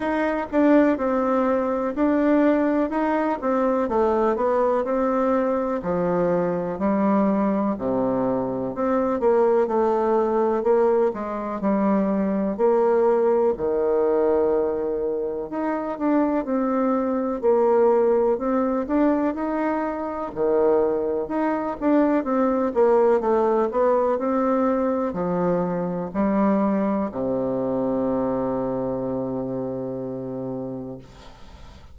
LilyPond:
\new Staff \with { instrumentName = "bassoon" } { \time 4/4 \tempo 4 = 62 dis'8 d'8 c'4 d'4 dis'8 c'8 | a8 b8 c'4 f4 g4 | c4 c'8 ais8 a4 ais8 gis8 | g4 ais4 dis2 |
dis'8 d'8 c'4 ais4 c'8 d'8 | dis'4 dis4 dis'8 d'8 c'8 ais8 | a8 b8 c'4 f4 g4 | c1 | }